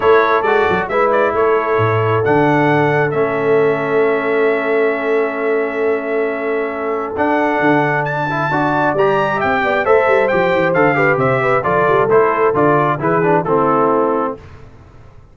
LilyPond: <<
  \new Staff \with { instrumentName = "trumpet" } { \time 4/4 \tempo 4 = 134 cis''4 d''4 e''8 d''8 cis''4~ | cis''4 fis''2 e''4~ | e''1~ | e''1 |
fis''2 a''2 | ais''4 g''4 e''4 g''4 | f''4 e''4 d''4 c''4 | d''4 b'4 a'2 | }
  \new Staff \with { instrumentName = "horn" } { \time 4/4 a'2 b'4 a'4~ | a'1~ | a'1~ | a'1~ |
a'2. d''4~ | d''4 e''8 d''8 c''2~ | c''8 b'8 c''8 b'8 a'2~ | a'4 gis'4 e'2 | }
  \new Staff \with { instrumentName = "trombone" } { \time 4/4 e'4 fis'4 e'2~ | e'4 d'2 cis'4~ | cis'1~ | cis'1 |
d'2~ d'8 e'8 fis'4 | g'2 a'4 g'4 | a'8 g'4. f'4 e'4 | f'4 e'8 d'8 c'2 | }
  \new Staff \with { instrumentName = "tuba" } { \time 4/4 a4 gis8 fis8 gis4 a4 | a,4 d2 a4~ | a1~ | a1 |
d'4 d2 d'4 | g4 c'8 b8 a8 g8 f8 e8 | d4 c4 f8 g8 a4 | d4 e4 a2 | }
>>